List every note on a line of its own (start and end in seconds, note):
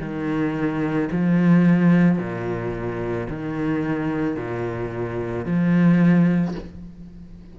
0.00 1.09 D#3
1.12 2.19 F3
2.19 3.28 A#2
3.30 4.37 D#3
4.37 5.45 A#2
5.45 6.55 F3